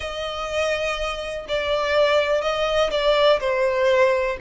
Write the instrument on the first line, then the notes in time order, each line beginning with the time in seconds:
violin
0.00 D#5
1.48 D5
2.41 D#5
2.90 D5
3.39 C5